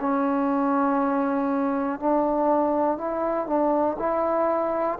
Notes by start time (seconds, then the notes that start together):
0.00 C#4
2.00 D4
2.98 E4
3.47 D4
3.99 E4